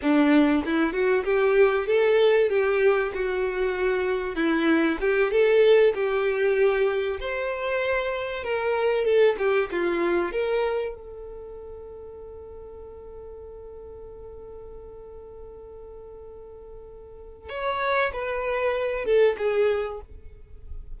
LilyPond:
\new Staff \with { instrumentName = "violin" } { \time 4/4 \tempo 4 = 96 d'4 e'8 fis'8 g'4 a'4 | g'4 fis'2 e'4 | g'8 a'4 g'2 c''8~ | c''4. ais'4 a'8 g'8 f'8~ |
f'8 ais'4 a'2~ a'8~ | a'1~ | a'1 | cis''4 b'4. a'8 gis'4 | }